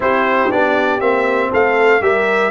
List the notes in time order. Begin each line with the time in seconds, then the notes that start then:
0.00 C4 E4 G4 C5
0.50 B3 D4 D5
0.99 A#3 C4 E5
1.50 A3 A4 F5
2.00 G3 G4 A#4 E5